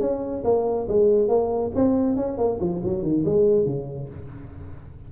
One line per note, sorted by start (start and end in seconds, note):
0.00 0.43 C#4
0.44 0.87 A#3
0.88 1.28 G#3
1.28 1.71 A#3
1.75 2.16 C4
2.16 2.38 C#4
2.38 2.59 A#3
2.60 2.82 F3
2.84 3.03 F#3
3.03 3.24 D#3
3.25 3.65 G#3
3.65 4.08 C#3